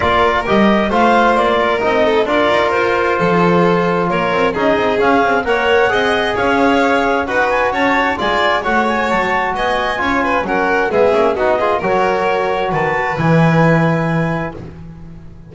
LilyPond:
<<
  \new Staff \with { instrumentName = "clarinet" } { \time 4/4 \tempo 4 = 132 d''4 dis''4 f''4 d''4 | dis''4 d''4 c''2~ | c''4 cis''4 dis''4 f''4 | fis''2 f''2 |
fis''8 gis''8 a''4 gis''4 fis''8 gis''8 | a''4 gis''2 fis''4 | e''4 dis''4 cis''2 | a''4 gis''2. | }
  \new Staff \with { instrumentName = "violin" } { \time 4/4 ais'2 c''4. ais'8~ | ais'8 a'8 ais'2 a'4~ | a'4 ais'4 gis'2 | cis''4 dis''4 cis''2 |
b'4 cis''4 d''4 cis''4~ | cis''4 dis''4 cis''8 b'8 ais'4 | gis'4 fis'8 gis'8 ais'2 | b'1 | }
  \new Staff \with { instrumentName = "trombone" } { \time 4/4 f'4 g'4 f'2 | dis'4 f'2.~ | f'2 dis'4 cis'4 | ais'4 gis'2. |
fis'2 f'4 fis'4~ | fis'2 f'4 cis'4 | b8 cis'8 dis'8 f'8 fis'2~ | fis'4 e'2. | }
  \new Staff \with { instrumentName = "double bass" } { \time 4/4 ais4 g4 a4 ais4 | c'4 d'8 dis'8 f'4 f4~ | f4 ais8 c'8 cis'8 c'8 cis'8 c'8 | ais4 c'4 cis'2 |
dis'4 cis'4 gis4 a4 | fis4 b4 cis'4 fis4 | gis8 ais8 b4 fis2 | dis4 e2. | }
>>